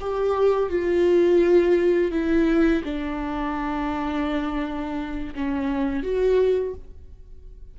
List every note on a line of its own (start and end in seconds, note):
0.00 0.69 G4
0.69 2.11 F4
2.11 2.82 E4
2.84 5.34 D4
5.35 6.03 C#4
6.03 6.74 F#4